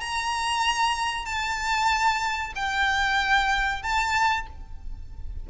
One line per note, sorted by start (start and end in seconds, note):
0.00 1.25 A#5
1.25 2.53 A5
2.55 3.82 G5
3.82 4.46 A5